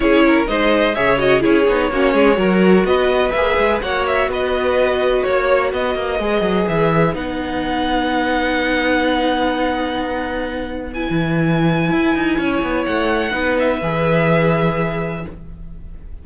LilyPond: <<
  \new Staff \with { instrumentName = "violin" } { \time 4/4 \tempo 4 = 126 cis''4 dis''4 e''8 dis''8 cis''4~ | cis''2 dis''4 e''4 | fis''8 e''8 dis''2 cis''4 | dis''2 e''4 fis''4~ |
fis''1~ | fis''2. gis''4~ | gis''2. fis''4~ | fis''8 e''2.~ e''8 | }
  \new Staff \with { instrumentName = "violin" } { \time 4/4 gis'8 ais'8 c''4 cis''4 gis'4 | fis'8 gis'8 ais'4 b'2 | cis''4 b'2 cis''4 | b'1~ |
b'1~ | b'1~ | b'2 cis''2 | b'1 | }
  \new Staff \with { instrumentName = "viola" } { \time 4/4 e'4 dis'4 gis'8 fis'8 e'8 dis'8 | cis'4 fis'2 gis'4 | fis'1~ | fis'4 gis'2 dis'4~ |
dis'1~ | dis'2. e'4~ | e'1 | dis'4 gis'2. | }
  \new Staff \with { instrumentName = "cello" } { \time 4/4 cis'4 gis4 cis4 cis'8 b8 | ais8 gis8 fis4 b4 ais8 gis8 | ais4 b2 ais4 | b8 ais8 gis8 fis8 e4 b4~ |
b1~ | b2.~ b16 e8.~ | e4 e'8 dis'8 cis'8 b8 a4 | b4 e2. | }
>>